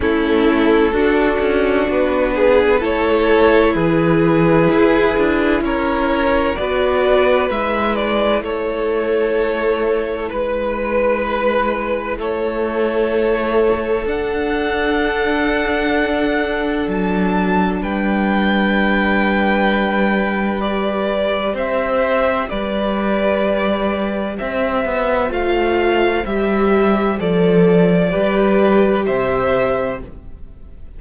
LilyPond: <<
  \new Staff \with { instrumentName = "violin" } { \time 4/4 \tempo 4 = 64 a'2 b'4 cis''4 | b'2 cis''4 d''4 | e''8 d''8 cis''2 b'4~ | b'4 cis''2 fis''4~ |
fis''2 a''4 g''4~ | g''2 d''4 e''4 | d''2 e''4 f''4 | e''4 d''2 e''4 | }
  \new Staff \with { instrumentName = "violin" } { \time 4/4 e'4 fis'4. gis'8 a'4 | gis'2 ais'4 b'4~ | b'4 a'2 b'4~ | b'4 a'2.~ |
a'2. b'4~ | b'2. c''4 | b'2 c''2~ | c''2 b'4 c''4 | }
  \new Staff \with { instrumentName = "viola" } { \time 4/4 cis'4 d'2 e'4~ | e'2. fis'4 | e'1~ | e'2. d'4~ |
d'1~ | d'2 g'2~ | g'2. f'4 | g'4 a'4 g'2 | }
  \new Staff \with { instrumentName = "cello" } { \time 4/4 a4 d'8 cis'8 b4 a4 | e4 e'8 d'8 cis'4 b4 | gis4 a2 gis4~ | gis4 a2 d'4~ |
d'2 fis4 g4~ | g2. c'4 | g2 c'8 b8 a4 | g4 f4 g4 c4 | }
>>